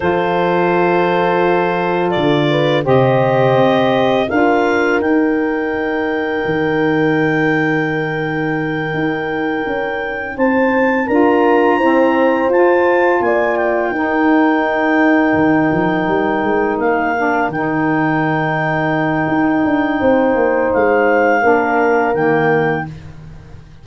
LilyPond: <<
  \new Staff \with { instrumentName = "clarinet" } { \time 4/4 \tempo 4 = 84 c''2. d''4 | dis''2 f''4 g''4~ | g''1~ | g''2~ g''8 a''4 ais''8~ |
ais''4. a''4 gis''8 g''4~ | g''2.~ g''8 f''8~ | f''8 g''2.~ g''8~ | g''4 f''2 g''4 | }
  \new Staff \with { instrumentName = "horn" } { \time 4/4 a'2.~ a'8 b'8 | c''2 ais'2~ | ais'1~ | ais'2~ ais'8 c''4 ais'8~ |
ais'8 c''2 d''4 ais'8~ | ais'1~ | ais'1 | c''2 ais'2 | }
  \new Staff \with { instrumentName = "saxophone" } { \time 4/4 f'1 | g'2 f'4 dis'4~ | dis'1~ | dis'2.~ dis'8 f'8~ |
f'8 c'4 f'2 dis'8~ | dis'1 | d'8 dis'2.~ dis'8~ | dis'2 d'4 ais4 | }
  \new Staff \with { instrumentName = "tuba" } { \time 4/4 f2. d4 | c4 c'4 d'4 dis'4~ | dis'4 dis2.~ | dis8 dis'4 cis'4 c'4 d'8~ |
d'8 e'4 f'4 ais4 dis'8~ | dis'4. dis8 f8 g8 gis8 ais8~ | ais8 dis2~ dis8 dis'8 d'8 | c'8 ais8 gis4 ais4 dis4 | }
>>